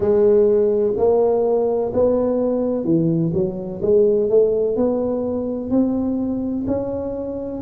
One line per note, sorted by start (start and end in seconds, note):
0.00 0.94 G#3
0.97 1.92 A#3
1.93 2.84 B3
2.84 3.32 E3
3.33 3.81 F#3
3.81 4.29 G#3
4.29 4.76 A3
4.76 5.70 B3
5.70 6.65 C4
6.67 7.61 C#4